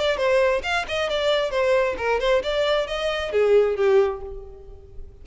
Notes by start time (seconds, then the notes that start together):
0.00 D5
0.18 C5
0.64 F5
0.89 D#5
1.10 D5
1.51 C5
1.98 A#4
2.21 C5
2.44 D5
2.88 D#5
3.33 G#4
3.77 G4